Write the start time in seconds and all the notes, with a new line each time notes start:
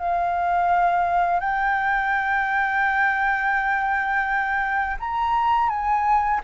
0.00 F5
1.40 G5
5.00 A#5
5.69 G#5